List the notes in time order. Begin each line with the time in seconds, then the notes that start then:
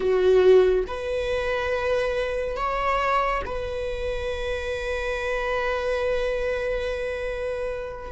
0.00 F#4
0.87 B4
2.56 C#5
3.45 B4